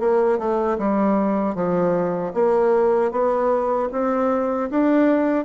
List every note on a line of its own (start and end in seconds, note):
0.00 0.39 A#3
0.39 0.78 A3
0.79 1.55 G3
1.55 2.33 F3
2.34 3.11 A#3
3.11 3.89 B3
3.92 4.70 C4
4.71 5.45 D4